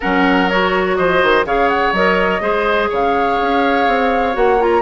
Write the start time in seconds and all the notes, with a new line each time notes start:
0.00 F#3 C#4 A#4 F#5
0.49 F#4 C#5
0.96 F3 C5 D#5
1.22 D#3
1.45 C#3 G#4 C#5 F5
1.69 F#5
1.92 F#3 A#4 D#5
2.40 G#3 G#4 C5
2.89 C#3 C#5 F5
3.41 C#4
3.87 C4
4.33 A#3 F#4 F#5
4.59 F4 A#5